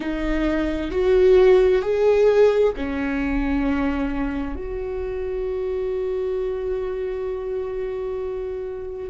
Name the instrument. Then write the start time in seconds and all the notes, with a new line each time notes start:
viola
0.00 D#4
0.91 F#4
1.82 G#4
2.76 C#4
4.55 F#4